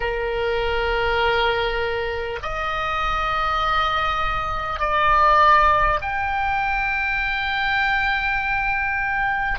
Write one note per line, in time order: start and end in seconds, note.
0.00 2.39 A#4
2.42 4.79 D#5
4.79 5.99 D5
6.01 9.59 G5